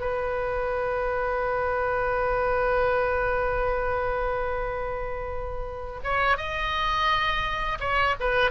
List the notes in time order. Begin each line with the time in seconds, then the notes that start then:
0.00 B4
6.04 C#5
6.37 D#5
7.80 C#5
8.20 B4